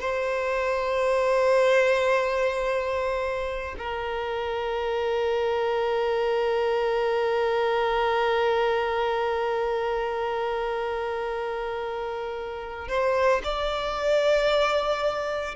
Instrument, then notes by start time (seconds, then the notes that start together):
violin
0.00 C5
3.78 A#4
12.88 C5
13.44 D5